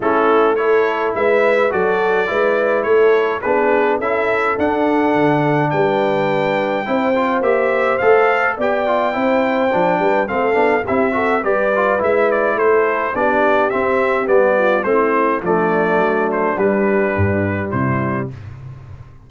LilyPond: <<
  \new Staff \with { instrumentName = "trumpet" } { \time 4/4 \tempo 4 = 105 a'4 cis''4 e''4 d''4~ | d''4 cis''4 b'4 e''4 | fis''2 g''2~ | g''4 e''4 f''4 g''4~ |
g''2 f''4 e''4 | d''4 e''8 d''8 c''4 d''4 | e''4 d''4 c''4 d''4~ | d''8 c''8 b'2 c''4 | }
  \new Staff \with { instrumentName = "horn" } { \time 4/4 e'4 a'4 b'4 a'4 | b'4 a'4 gis'4 a'4~ | a'2 b'2 | c''2. d''4 |
c''4. b'8 a'4 g'8 a'8 | b'2 a'4 g'4~ | g'4. f'8 e'4 d'4~ | d'2. e'4 | }
  \new Staff \with { instrumentName = "trombone" } { \time 4/4 cis'4 e'2 fis'4 | e'2 d'4 e'4 | d'1 | e'8 f'8 g'4 a'4 g'8 f'8 |
e'4 d'4 c'8 d'8 e'8 fis'8 | g'8 f'8 e'2 d'4 | c'4 b4 c'4 a4~ | a4 g2. | }
  \new Staff \with { instrumentName = "tuba" } { \time 4/4 a2 gis4 fis4 | gis4 a4 b4 cis'4 | d'4 d4 g2 | c'4 ais4 a4 b4 |
c'4 f8 g8 a8 b8 c'4 | g4 gis4 a4 b4 | c'4 g4 a4 f4 | fis4 g4 g,4 c4 | }
>>